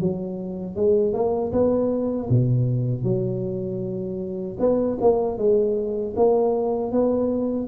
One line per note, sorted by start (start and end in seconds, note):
0.00 0.76 F#3
0.76 1.13 G#3
1.13 1.52 A#3
1.52 2.29 B3
2.29 3.03 B2
3.03 4.57 F#3
4.59 4.98 B3
5.01 5.38 A#3
5.38 6.15 G#3
6.16 6.92 A#3
6.92 7.68 B3